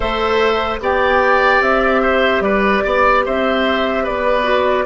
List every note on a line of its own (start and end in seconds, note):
0.00 0.80 A3
0.00 0.80 A4
0.00 0.79 C5
0.00 0.80 E5
0.80 1.60 B3
0.80 4.43 G4
0.80 2.02 D5
0.80 1.61 G5
1.60 2.40 C4
1.60 2.42 E5
2.02 2.42 C5
2.40 2.81 G3
2.40 2.84 B4
2.40 3.23 D5
2.84 3.26 B3
2.84 3.24 D5
3.25 4.07 C4
3.25 4.03 C5
3.25 4.05 E5
4.03 4.86 B3
4.03 4.84 B4
4.03 4.86 D5
4.43 4.84 F#4